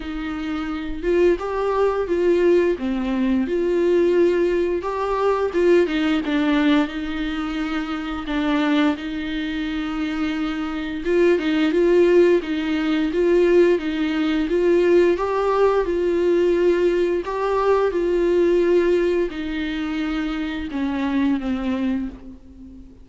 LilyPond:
\new Staff \with { instrumentName = "viola" } { \time 4/4 \tempo 4 = 87 dis'4. f'8 g'4 f'4 | c'4 f'2 g'4 | f'8 dis'8 d'4 dis'2 | d'4 dis'2. |
f'8 dis'8 f'4 dis'4 f'4 | dis'4 f'4 g'4 f'4~ | f'4 g'4 f'2 | dis'2 cis'4 c'4 | }